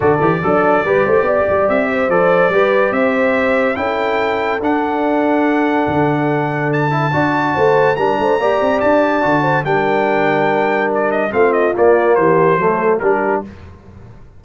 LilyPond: <<
  \new Staff \with { instrumentName = "trumpet" } { \time 4/4 \tempo 4 = 143 d''1 | e''4 d''2 e''4~ | e''4 g''2 fis''4~ | fis''1 |
a''2. ais''4~ | ais''4 a''2 g''4~ | g''2 d''8 dis''8 f''8 dis''8 | d''4 c''2 ais'4 | }
  \new Staff \with { instrumentName = "horn" } { \time 4/4 a'4 d'4 b'8 c''8 d''4~ | d''8 c''4. b'4 c''4~ | c''4 a'2.~ | a'1~ |
a'4 d''4 c''4 ais'8 c''8 | d''2~ d''8 c''8 ais'4~ | ais'2. f'4~ | f'4 g'4 a'4 g'4 | }
  \new Staff \with { instrumentName = "trombone" } { \time 4/4 fis'8 g'8 a'4 g'2~ | g'4 a'4 g'2~ | g'4 e'2 d'4~ | d'1~ |
d'8 e'8 fis'2 d'4 | g'2 fis'4 d'4~ | d'2. c'4 | ais2 a4 d'4 | }
  \new Staff \with { instrumentName = "tuba" } { \time 4/4 d8 e8 fis4 g8 a8 b8 g8 | c'4 f4 g4 c'4~ | c'4 cis'2 d'4~ | d'2 d2~ |
d4 d'4 a4 g8 a8 | ais8 c'8 d'4 d4 g4~ | g2. a4 | ais4 e4 fis4 g4 | }
>>